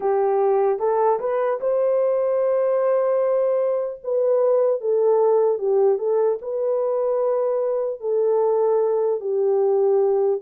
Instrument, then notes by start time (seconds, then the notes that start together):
horn
0.00 G4
0.79 A4
1.19 B4
1.60 C5
4.03 B4
4.80 A4
5.58 G4
5.98 A4
6.41 B4
8.00 A4
9.20 G4